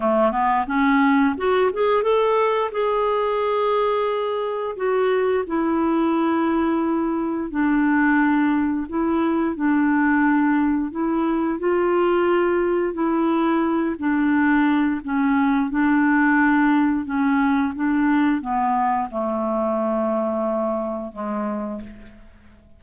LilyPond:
\new Staff \with { instrumentName = "clarinet" } { \time 4/4 \tempo 4 = 88 a8 b8 cis'4 fis'8 gis'8 a'4 | gis'2. fis'4 | e'2. d'4~ | d'4 e'4 d'2 |
e'4 f'2 e'4~ | e'8 d'4. cis'4 d'4~ | d'4 cis'4 d'4 b4 | a2. gis4 | }